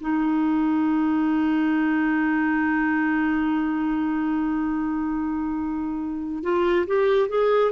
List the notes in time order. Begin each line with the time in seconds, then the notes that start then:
0.00 D#4
6.43 F4
6.86 G4
7.29 G#4